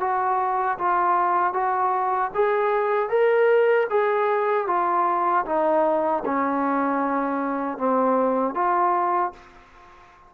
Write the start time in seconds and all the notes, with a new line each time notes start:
0.00 F#4
0.78 F4
1.53 F#4
2.35 G#4
3.10 A#4
3.90 G#4
4.67 F4
5.45 D#4
6.26 C#4
7.78 C4
8.55 F4